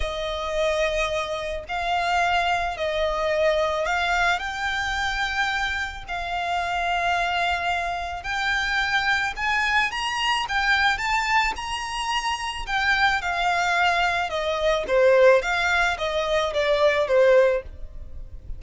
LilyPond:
\new Staff \with { instrumentName = "violin" } { \time 4/4 \tempo 4 = 109 dis''2. f''4~ | f''4 dis''2 f''4 | g''2. f''4~ | f''2. g''4~ |
g''4 gis''4 ais''4 g''4 | a''4 ais''2 g''4 | f''2 dis''4 c''4 | f''4 dis''4 d''4 c''4 | }